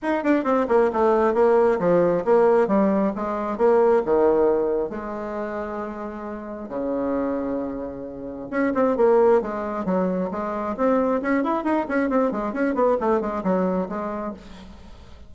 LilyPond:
\new Staff \with { instrumentName = "bassoon" } { \time 4/4 \tempo 4 = 134 dis'8 d'8 c'8 ais8 a4 ais4 | f4 ais4 g4 gis4 | ais4 dis2 gis4~ | gis2. cis4~ |
cis2. cis'8 c'8 | ais4 gis4 fis4 gis4 | c'4 cis'8 e'8 dis'8 cis'8 c'8 gis8 | cis'8 b8 a8 gis8 fis4 gis4 | }